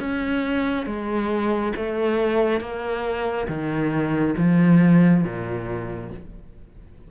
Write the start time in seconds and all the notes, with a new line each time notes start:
0.00 C#4
0.86 G#3
1.76 A3
2.60 A#3
3.48 D#3
4.37 F3
5.24 A#2